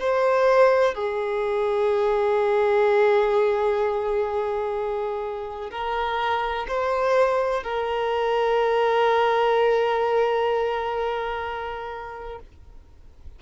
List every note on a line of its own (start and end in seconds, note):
0.00 0.95 C5
0.95 5.71 G#4
5.71 6.67 A#4
6.68 7.63 C5
7.63 12.39 A#4